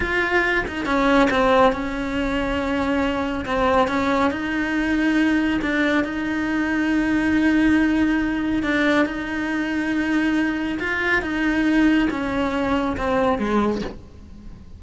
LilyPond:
\new Staff \with { instrumentName = "cello" } { \time 4/4 \tempo 4 = 139 f'4. dis'8 cis'4 c'4 | cis'1 | c'4 cis'4 dis'2~ | dis'4 d'4 dis'2~ |
dis'1 | d'4 dis'2.~ | dis'4 f'4 dis'2 | cis'2 c'4 gis4 | }